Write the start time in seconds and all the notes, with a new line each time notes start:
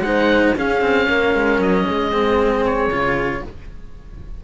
0.00 G#3 D#4 C5 F#5
0.57 C#4 G#4 F5
0.82 C4
1.08 A#3 A#4
1.35 G#3
1.59 F#3 D#5
1.87 G#3 G#4
2.12 C4
2.66 C#5
2.89 C#3 F4